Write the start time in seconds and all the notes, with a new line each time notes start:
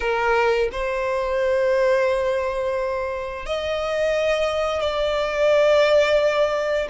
0.00 A#4
0.71 C5
3.45 D#5
4.80 D5